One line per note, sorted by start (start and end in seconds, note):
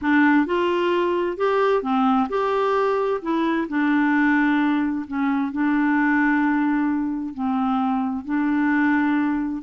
0.01 0.46 D4
0.46 1.37 F4
1.37 1.82 G4
1.82 2.28 C4
2.29 3.20 G4
3.21 3.67 E4
3.68 5.05 D4
5.07 5.51 C#4
5.51 7.34 D4
7.34 8.24 C4
8.24 9.62 D4